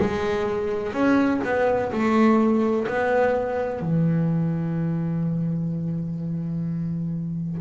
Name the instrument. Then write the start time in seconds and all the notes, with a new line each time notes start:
double bass
0.00 G#3
0.93 C#4
1.44 B3
1.92 A3
2.87 B3
3.81 E3